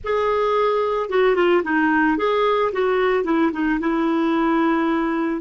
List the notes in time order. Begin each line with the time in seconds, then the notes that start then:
0.03 G#4
1.09 F#4
1.35 F4
1.63 D#4
2.17 G#4
2.72 F#4
3.24 E4
3.52 D#4
3.80 E4